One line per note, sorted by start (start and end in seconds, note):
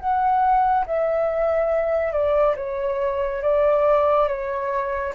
0.00 0.86 F#5
0.86 2.13 E5
2.13 2.56 D5
2.57 3.42 C#5
3.42 4.28 D5
4.28 5.14 C#5